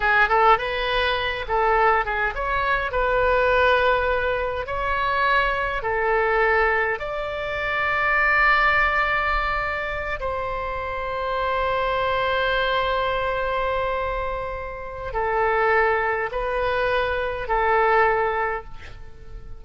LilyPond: \new Staff \with { instrumentName = "oboe" } { \time 4/4 \tempo 4 = 103 gis'8 a'8 b'4. a'4 gis'8 | cis''4 b'2. | cis''2 a'2 | d''1~ |
d''4. c''2~ c''8~ | c''1~ | c''2 a'2 | b'2 a'2 | }